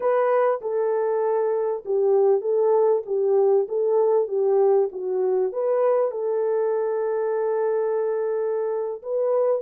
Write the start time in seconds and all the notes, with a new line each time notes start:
0.00 B4
0.61 A4
1.85 G4
2.41 A4
3.06 G4
3.68 A4
4.27 G4
4.92 F#4
5.52 B4
6.11 A4
9.02 B4